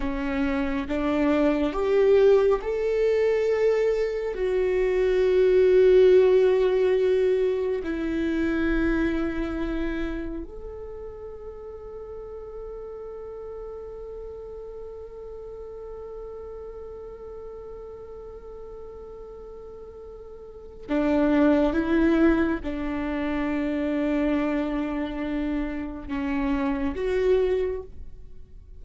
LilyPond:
\new Staff \with { instrumentName = "viola" } { \time 4/4 \tempo 4 = 69 cis'4 d'4 g'4 a'4~ | a'4 fis'2.~ | fis'4 e'2. | a'1~ |
a'1~ | a'1 | d'4 e'4 d'2~ | d'2 cis'4 fis'4 | }